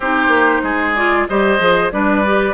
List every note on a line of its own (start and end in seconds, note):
0.00 0.27 C4
0.00 0.96 D#4
0.00 0.62 G4
0.00 0.95 C5
0.27 0.59 A#3
0.62 1.26 G#3
0.62 1.27 G#4
0.95 1.28 F4
0.95 1.27 D5
1.27 1.59 G3
1.27 1.58 G4
1.27 1.93 C5
1.27 1.91 D#5
1.58 1.91 F3
1.58 1.90 G#4
1.91 2.54 G3
1.91 2.24 D4
1.91 2.54 B4
1.91 2.54 D5
2.25 2.54 G4